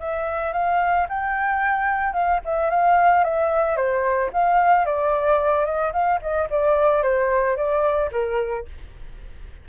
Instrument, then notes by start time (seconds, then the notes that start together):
flute
0.00 E5
0.53 F5
1.09 G5
2.14 F5
2.45 E5
2.71 F5
3.24 E5
3.77 C5
4.33 F5
4.86 D5
5.66 D#5
5.93 F5
6.22 D#5
6.50 D5
7.03 C5
7.57 D5
8.12 A#4